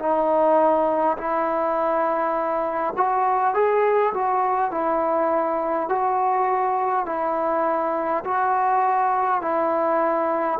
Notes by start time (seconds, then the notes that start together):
0.00 D#4
1.18 E4
2.97 F#4
3.55 G#4
4.14 F#4
4.72 E4
5.89 F#4
7.06 E4
8.25 F#4
9.42 E4